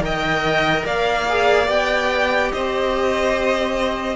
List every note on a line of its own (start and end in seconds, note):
0.00 0.83 D#3
0.00 1.27 A#4
0.00 0.85 D#5
0.00 0.86 G5
0.85 1.68 A#3
0.85 2.52 D5
0.85 1.70 F5
1.29 1.66 G#4
1.66 2.52 B3
1.66 4.16 G4
1.66 2.52 G5
2.52 4.16 C4
2.52 4.16 C5
2.52 4.16 D#5